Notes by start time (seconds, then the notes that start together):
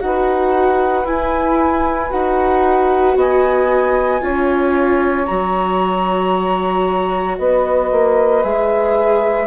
0.00 D#4 F#4 B4 F#5
1.04 E4 G#5
2.11 D#4 F#4 F#5
3.16 B3 D#5 G#5
4.21 C#4 F4 C#5
5.25 F#3 F#4 A#5
7.38 B3 B4 D#5
7.92 A#3
8.43 G#3 G#4 E5